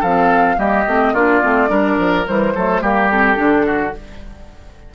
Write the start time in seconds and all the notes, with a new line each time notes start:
0.00 F3 C4 A4 F5
0.57 G3 A#3 G4 D#5
0.87 A3 C4
1.13 A#3 D4 F4 D5
1.43 A3 C4
1.68 G3 D4 A#4
1.98 F3
2.26 E3 G3 C5
2.55 F#3 A3 A4
2.82 G3 A#3 G4 A#4
3.11 C4 A4
3.36 D3 D4
3.66 F#4